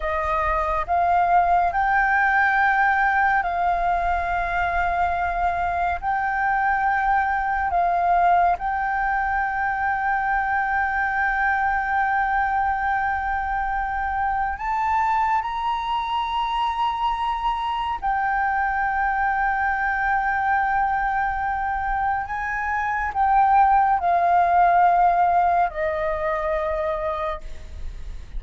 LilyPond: \new Staff \with { instrumentName = "flute" } { \time 4/4 \tempo 4 = 70 dis''4 f''4 g''2 | f''2. g''4~ | g''4 f''4 g''2~ | g''1~ |
g''4 a''4 ais''2~ | ais''4 g''2.~ | g''2 gis''4 g''4 | f''2 dis''2 | }